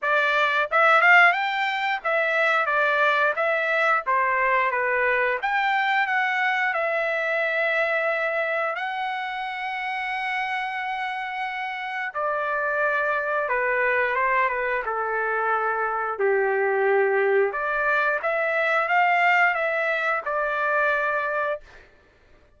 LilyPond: \new Staff \with { instrumentName = "trumpet" } { \time 4/4 \tempo 4 = 89 d''4 e''8 f''8 g''4 e''4 | d''4 e''4 c''4 b'4 | g''4 fis''4 e''2~ | e''4 fis''2.~ |
fis''2 d''2 | b'4 c''8 b'8 a'2 | g'2 d''4 e''4 | f''4 e''4 d''2 | }